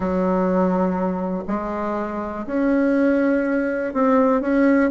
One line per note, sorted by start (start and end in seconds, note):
0.00 1.43 F#3
1.47 2.45 G#3
2.46 3.93 C#4
3.93 4.41 C4
4.41 4.90 C#4